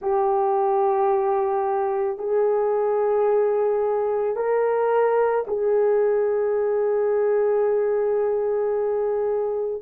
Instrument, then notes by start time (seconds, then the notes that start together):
horn
0.01 G4
2.18 G#4
4.35 A#4
5.47 G#4